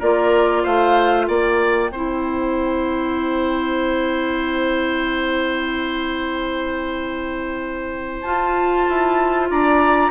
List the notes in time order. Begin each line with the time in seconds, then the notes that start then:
0.00 A#3 F4 A#4 D5
0.63 A3 C5 F5
1.28 A#3 D5 G5
1.90 C4 E4 C5
8.22 F4 A5
8.89 E4
9.51 D4 D5 A#5